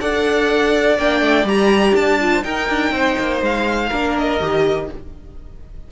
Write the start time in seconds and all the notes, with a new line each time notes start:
0.00 D4 A4 D5 F#5
0.97 A#3 D4 G5
1.20 A3
1.43 G3 G4 A#5
1.95 D4 A5
2.20 F4
2.31 C5
2.42 D#4 A#4 G5
2.69 D4
2.91 C4 C5
3.18 A#3
3.41 G#3 F5
3.89 A#3 D4 A#4
4.18 D#5
4.40 D#3 G4